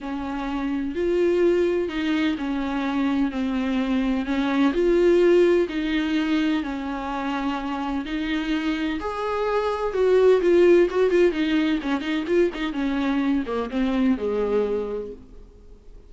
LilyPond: \new Staff \with { instrumentName = "viola" } { \time 4/4 \tempo 4 = 127 cis'2 f'2 | dis'4 cis'2 c'4~ | c'4 cis'4 f'2 | dis'2 cis'2~ |
cis'4 dis'2 gis'4~ | gis'4 fis'4 f'4 fis'8 f'8 | dis'4 cis'8 dis'8 f'8 dis'8 cis'4~ | cis'8 ais8 c'4 gis2 | }